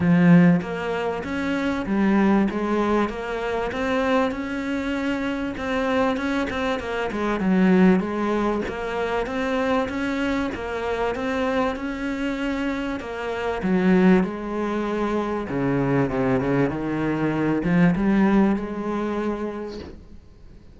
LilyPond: \new Staff \with { instrumentName = "cello" } { \time 4/4 \tempo 4 = 97 f4 ais4 cis'4 g4 | gis4 ais4 c'4 cis'4~ | cis'4 c'4 cis'8 c'8 ais8 gis8 | fis4 gis4 ais4 c'4 |
cis'4 ais4 c'4 cis'4~ | cis'4 ais4 fis4 gis4~ | gis4 cis4 c8 cis8 dis4~ | dis8 f8 g4 gis2 | }